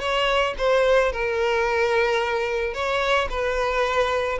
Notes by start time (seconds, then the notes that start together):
0.00 C#5
0.58 C5
1.12 A#4
2.74 C#5
3.30 B4